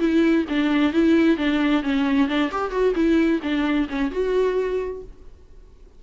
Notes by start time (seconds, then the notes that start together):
0.00 E4
0.49 D4
0.93 E4
1.38 D4
1.83 C#4
2.28 D4
2.51 G4
2.71 F#4
2.95 E4
3.43 D4
3.90 C#4
4.12 F#4